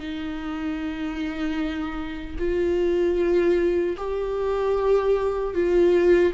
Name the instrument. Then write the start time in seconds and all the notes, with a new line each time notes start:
viola
0.00 D#4
2.39 F4
3.98 G4
5.55 F4